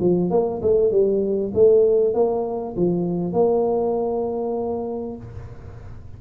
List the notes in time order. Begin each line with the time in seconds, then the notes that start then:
0.00 F3
0.31 A#3
0.62 A3
0.91 G3
1.54 A3
2.14 A#3
2.77 F3
3.33 A#3